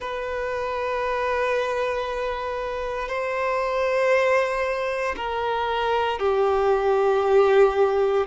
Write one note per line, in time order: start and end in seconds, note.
0.00 3.08 B4
3.08 5.15 C5
5.16 6.19 A#4
6.19 8.26 G4